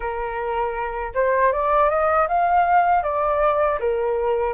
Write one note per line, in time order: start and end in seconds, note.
0.00 1.13 A#4
1.14 1.52 C5
1.52 1.90 D5
1.90 2.28 D#5
2.28 3.02 F5
3.02 3.78 D5
3.79 4.54 A#4